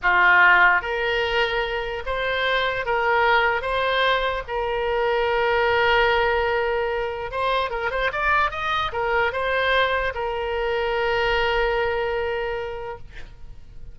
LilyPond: \new Staff \with { instrumentName = "oboe" } { \time 4/4 \tempo 4 = 148 f'2 ais'2~ | ais'4 c''2 ais'4~ | ais'4 c''2 ais'4~ | ais'1~ |
ais'2 c''4 ais'8 c''8 | d''4 dis''4 ais'4 c''4~ | c''4 ais'2.~ | ais'1 | }